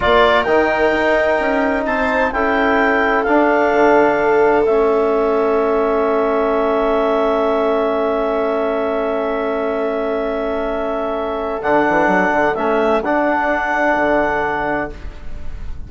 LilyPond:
<<
  \new Staff \with { instrumentName = "clarinet" } { \time 4/4 \tempo 4 = 129 d''4 g''2. | a''4 g''2 f''4~ | f''2 e''2~ | e''1~ |
e''1~ | e''1~ | e''4 fis''2 e''4 | fis''1 | }
  \new Staff \with { instrumentName = "viola" } { \time 4/4 ais'1 | c''4 a'2.~ | a'1~ | a'1~ |
a'1~ | a'1~ | a'1~ | a'1 | }
  \new Staff \with { instrumentName = "trombone" } { \time 4/4 f'4 dis'2.~ | dis'4 e'2 d'4~ | d'2 cis'2~ | cis'1~ |
cis'1~ | cis'1~ | cis'4 d'2 cis'4 | d'1 | }
  \new Staff \with { instrumentName = "bassoon" } { \time 4/4 ais4 dis4 dis'4 cis'4 | c'4 cis'2 d'4 | d2 a2~ | a1~ |
a1~ | a1~ | a4 d8 e8 fis8 d8 a4 | d'2 d2 | }
>>